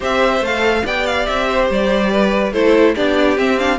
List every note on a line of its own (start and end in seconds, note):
0.00 0.40 C4
0.00 0.41 G4
0.00 0.83 C5
0.00 0.44 E5
0.40 0.83 A3
0.40 0.84 A4
0.40 0.86 F5
0.84 1.27 B3
0.84 2.53 G4
0.84 1.48 D5
0.84 1.06 G5
1.06 1.25 F5
1.25 1.70 C4
1.25 1.68 E5
1.48 2.11 C5
1.70 2.52 G3
1.70 2.52 D5
2.11 2.53 B4
2.52 2.94 A3
2.52 2.96 E4
2.52 2.94 A4
2.52 2.95 C5
2.94 3.37 B3
2.94 3.37 D4
2.94 3.78 G4
2.94 3.38 D5
3.37 3.58 C4
3.37 3.78 C4
3.37 3.59 E5
3.58 3.78 D4
3.58 3.78 F5